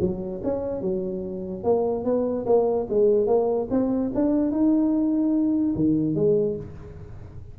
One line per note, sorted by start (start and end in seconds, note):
0.00 0.41 F#3
0.43 0.81 C#4
0.81 1.63 F#3
1.63 2.04 A#3
2.04 2.45 B3
2.45 2.87 A#3
2.89 3.27 G#3
3.27 3.68 A#3
3.70 4.11 C4
4.14 4.51 D4
4.51 5.74 D#4
5.75 6.15 D#3
6.15 6.56 G#3